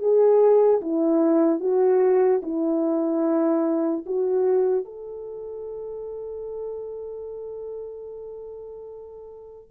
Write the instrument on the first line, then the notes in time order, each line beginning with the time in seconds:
horn
0.00 G#4
0.81 E4
1.60 F#4
2.43 E4
4.07 F#4
4.85 A4